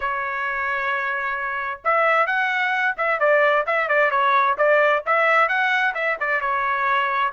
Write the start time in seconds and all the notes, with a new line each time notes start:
0.00 C#5
1.84 E5
2.26 F#5
2.97 E5
3.19 D5
3.66 E5
3.88 D5
4.10 C#5
4.57 D5
5.06 E5
5.48 F#5
5.94 E5
6.20 D5
6.40 C#5